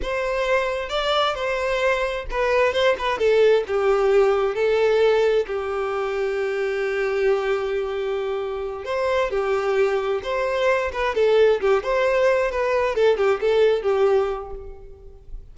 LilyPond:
\new Staff \with { instrumentName = "violin" } { \time 4/4 \tempo 4 = 132 c''2 d''4 c''4~ | c''4 b'4 c''8 b'8 a'4 | g'2 a'2 | g'1~ |
g'2.~ g'8 c''8~ | c''8 g'2 c''4. | b'8 a'4 g'8 c''4. b'8~ | b'8 a'8 g'8 a'4 g'4. | }